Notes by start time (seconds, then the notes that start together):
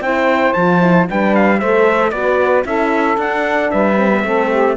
0.00 C4 E4 C5 G5
0.53 F3 F4 A5
0.80 E4
1.07 G3 D4 B4 G5
1.35 F5
1.59 A3 A4 C5 E5
2.10 B3 F#4 B4 D5
2.65 C#4 E4 A4 E5
3.17 D4 F#5
3.71 G3 B4 E5
3.96 C4
4.11 B3
4.24 A3 C4 A4
4.50 G4